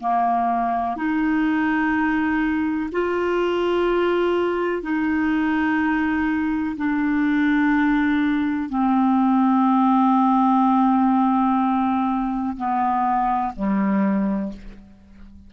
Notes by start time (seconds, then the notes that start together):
0.00 A#3
0.96 D#4
2.92 F4
4.83 D#4
6.77 D4
8.69 C4
12.57 B3
13.56 G3